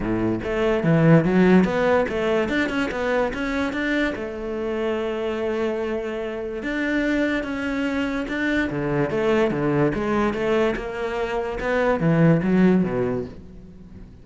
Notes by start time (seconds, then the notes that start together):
0.00 A2
0.43 A3
0.83 E3
1.24 F#3
1.64 B3
2.08 A3
2.48 D4
2.69 C#4
2.91 B3
3.33 C#4
3.72 D4
4.15 A3
6.62 D4
7.43 C#4
8.28 D4
8.70 D3
9.10 A3
9.51 D3
9.94 G#3
10.33 A3
10.75 A#3
11.60 B3
11.99 E3
12.43 F#3
12.84 B2